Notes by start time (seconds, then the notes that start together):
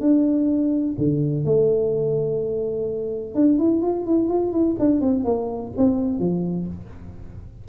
0.00 D4
0.98 D3
1.45 A3
3.35 D4
3.58 E4
3.82 F4
4.06 E4
4.29 F4
4.52 E4
4.79 D4
5.00 C4
5.24 A#3
5.77 C4
6.19 F3